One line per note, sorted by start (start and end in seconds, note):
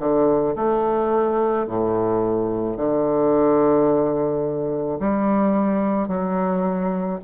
0.00 0.56 D3
0.56 1.67 A3
1.67 2.77 A2
2.77 4.99 D3
5.00 6.08 G3
6.08 7.19 F#3